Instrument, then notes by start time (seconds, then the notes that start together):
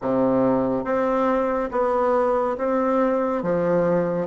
bassoon
0.01 C3
0.84 C4
1.71 B3
2.57 C4
3.42 F3